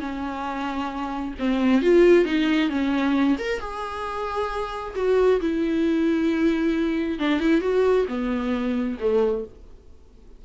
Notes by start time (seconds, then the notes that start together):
0.00 C#4
1.39 C4
1.82 F4
2.25 D#4
2.69 C#4
3.39 A#4
3.60 G#4
4.96 F#4
5.41 E4
7.19 D4
7.40 E4
7.61 F#4
8.08 B3
9.00 A3